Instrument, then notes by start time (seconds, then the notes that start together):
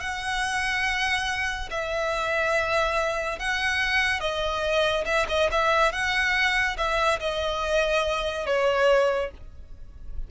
violin
0.00 F#5
1.71 E5
3.39 F#5
4.20 D#5
5.05 E5
5.29 D#5
5.51 E5
5.92 F#5
6.77 E5
7.20 D#5
8.46 C#5